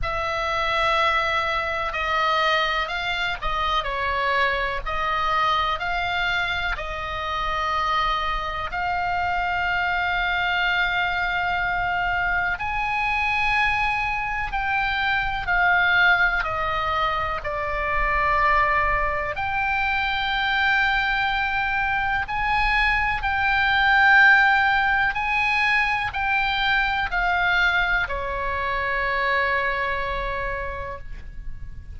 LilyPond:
\new Staff \with { instrumentName = "oboe" } { \time 4/4 \tempo 4 = 62 e''2 dis''4 f''8 dis''8 | cis''4 dis''4 f''4 dis''4~ | dis''4 f''2.~ | f''4 gis''2 g''4 |
f''4 dis''4 d''2 | g''2. gis''4 | g''2 gis''4 g''4 | f''4 cis''2. | }